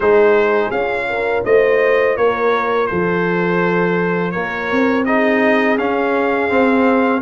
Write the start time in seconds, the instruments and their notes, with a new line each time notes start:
0.00 tuba G#3, trombone D#4, horn G#4, trumpet C5
0.70 tuba C#4, trombone F4, trumpet F5
1.09 horn A#4
1.44 tuba A3, horn C5, trumpet D#5
2.16 tuba A#3, horn A#4, trumpet C#5
2.86 tuba F3, horn A4, trumpet C5
4.31 tuba A#3, horn A#4, trumpet C#5
4.71 tuba C4
5.05 trombone D#4, horn G#4, trumpet D#5
5.77 trombone C#4, tuba C#4, trumpet F5
6.49 trombone C4, tuba C4